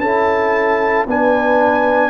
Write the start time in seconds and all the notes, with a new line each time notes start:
0.00 C#4 E4 A4 A5
1.07 B3 D4 B4 G#5